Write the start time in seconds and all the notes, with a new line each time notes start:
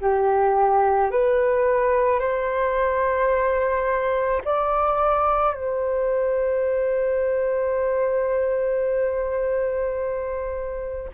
0.00 G4
1.11 B4
2.19 C5
4.44 D5
5.54 C5